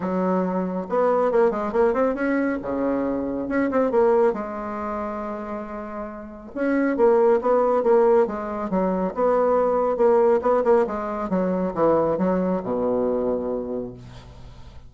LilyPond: \new Staff \with { instrumentName = "bassoon" } { \time 4/4 \tempo 4 = 138 fis2 b4 ais8 gis8 | ais8 c'8 cis'4 cis2 | cis'8 c'8 ais4 gis2~ | gis2. cis'4 |
ais4 b4 ais4 gis4 | fis4 b2 ais4 | b8 ais8 gis4 fis4 e4 | fis4 b,2. | }